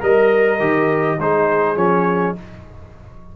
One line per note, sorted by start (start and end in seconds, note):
0.00 0.60 G3
0.00 0.59 A#4
0.00 1.18 A#4
0.00 1.20 D#5
0.60 1.19 D#3
0.60 1.19 G4
1.19 1.76 G#3
1.19 1.77 D#4
1.19 2.36 G#4
1.19 1.77 C5
1.76 2.35 F3
1.76 2.36 C#4
1.76 2.36 C#5